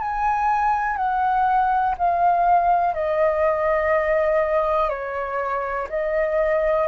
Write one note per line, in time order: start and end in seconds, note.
0.00 0.97 G#5
0.97 1.95 F#5
1.98 2.95 F5
2.95 4.90 D#5
4.90 5.88 C#5
5.90 6.88 D#5